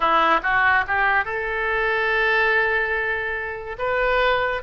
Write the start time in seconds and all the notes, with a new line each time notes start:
0.00 E4
0.43 F#4
0.87 G4
1.25 A4
3.78 B4